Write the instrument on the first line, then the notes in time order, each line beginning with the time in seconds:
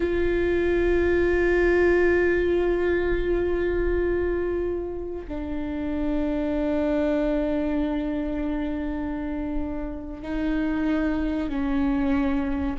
viola
0.00 F4
5.27 D4
10.22 D#4
11.49 C#4